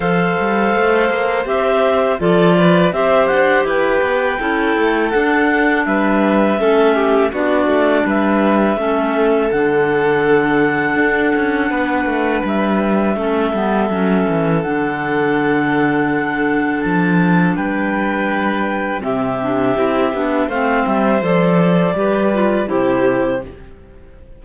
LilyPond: <<
  \new Staff \with { instrumentName = "clarinet" } { \time 4/4 \tempo 4 = 82 f''2 e''4 d''4 | e''8 fis''8 g''2 fis''4 | e''2 d''4 e''4~ | e''4 fis''2.~ |
fis''4 e''2. | fis''2. a''4 | g''2 e''2 | f''8 e''8 d''2 c''4 | }
  \new Staff \with { instrumentName = "violin" } { \time 4/4 c''2. a'8 b'8 | c''4 b'4 a'2 | b'4 a'8 g'8 fis'4 b'4 | a'1 |
b'2 a'2~ | a'1 | b'2 g'2 | c''2 b'4 g'4 | }
  \new Staff \with { instrumentName = "clarinet" } { \time 4/4 a'2 g'4 f'4 | g'2 e'4 d'4~ | d'4 cis'4 d'2 | cis'4 d'2.~ |
d'2 cis'8 b8 cis'4 | d'1~ | d'2 c'8 d'8 e'8 d'8 | c'4 a'4 g'8 f'8 e'4 | }
  \new Staff \with { instrumentName = "cello" } { \time 4/4 f8 g8 a8 ais8 c'4 f4 | c'8 d'8 e'8 b8 cis'8 a8 d'4 | g4 a4 b8 a8 g4 | a4 d2 d'8 cis'8 |
b8 a8 g4 a8 g8 fis8 e8 | d2. f4 | g2 c4 c'8 b8 | a8 g8 f4 g4 c4 | }
>>